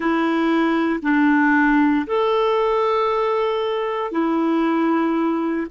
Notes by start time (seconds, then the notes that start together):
0.00 E4
1.02 D4
2.06 A4
4.11 E4